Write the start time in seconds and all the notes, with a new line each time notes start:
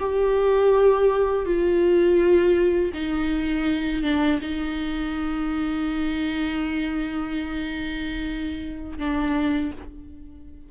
0.00 G4
1.46 F4
2.94 D#4
4.03 D4
4.42 D#4
8.99 D4